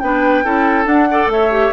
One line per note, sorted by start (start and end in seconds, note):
0.00 0.45 B3
0.00 0.45 D4
0.00 0.45 B4
0.00 0.86 G5
0.45 0.86 C#4
0.45 0.85 E4
0.45 1.09 A4
0.85 1.07 D4
0.85 1.27 D4
0.85 1.29 F#5
1.11 1.52 A4
1.11 1.32 D5
1.27 1.70 A3
1.27 1.73 E5
1.33 1.73 C#5
1.52 1.73 G4